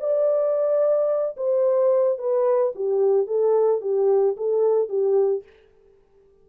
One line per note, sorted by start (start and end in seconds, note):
0.00 1.36 D5
1.37 2.18 C5
2.18 2.73 B4
2.75 3.27 G4
3.27 3.81 A4
3.81 4.36 G4
4.37 4.89 A4
4.89 5.43 G4